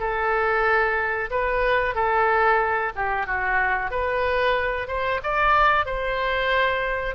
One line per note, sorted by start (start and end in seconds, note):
0.00 1.30 A4
1.31 1.95 B4
1.95 2.93 A4
2.96 3.27 G4
3.27 3.91 F#4
3.91 4.88 B4
4.88 5.21 C5
5.24 5.86 D5
5.86 7.16 C5